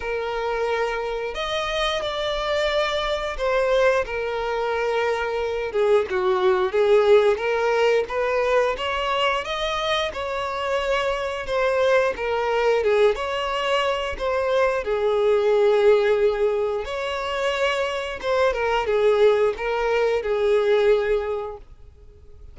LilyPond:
\new Staff \with { instrumentName = "violin" } { \time 4/4 \tempo 4 = 89 ais'2 dis''4 d''4~ | d''4 c''4 ais'2~ | ais'8 gis'8 fis'4 gis'4 ais'4 | b'4 cis''4 dis''4 cis''4~ |
cis''4 c''4 ais'4 gis'8 cis''8~ | cis''4 c''4 gis'2~ | gis'4 cis''2 c''8 ais'8 | gis'4 ais'4 gis'2 | }